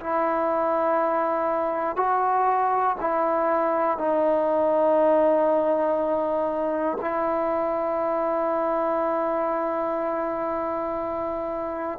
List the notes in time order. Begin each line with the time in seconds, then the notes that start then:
0.00 E4
1.96 F#4
3.00 E4
3.98 D#4
7.01 E4